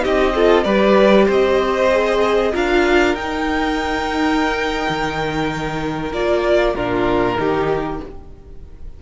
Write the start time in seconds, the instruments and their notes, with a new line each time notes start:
0.00 cello C4, viola D#4, violin G4 D#5
0.34 viola F4, violin A4
0.63 cello G3, viola G4, violin B4 D5
1.26 cello C4, violin C5 D#5
1.90 viola G#4
2.53 cello D4, viola F4, violin A#4 F5
3.15 cello D#4, viola D#4, violin G5
4.89 cello D#3
6.12 cello A#3, viola F4, violin D5
6.74 cello A#2, viola D4, violin F4 A#4
7.37 cello D#3, viola D#4, violin G4